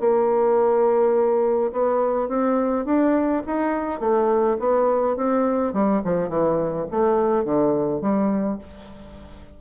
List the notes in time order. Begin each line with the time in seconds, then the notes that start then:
0.00 A#3
1.72 B3
2.28 C4
2.85 D4
3.46 D#4
4.00 A3
4.59 B3
5.16 C4
5.73 G3
6.04 F3
6.29 E3
6.90 A3
7.44 D3
8.01 G3